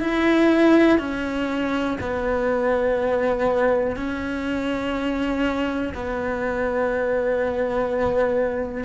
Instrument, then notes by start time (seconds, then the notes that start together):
cello
0.00 E4
0.98 C#4
2.01 B3
3.96 C#4
5.94 B3